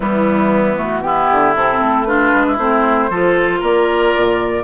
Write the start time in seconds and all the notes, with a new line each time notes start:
0.00 E3 G3 B3 E4
0.76 A3 F#4
1.02 B3 E4 G4
1.31 D3
1.55 C3 C4 A4
1.80 A3
2.04 D4 F4 B4
2.34 G#3
2.47 E4
2.58 A3 C4 C5
3.09 F3 F4 A4
3.59 A#3 A#4 D5
4.16 A#2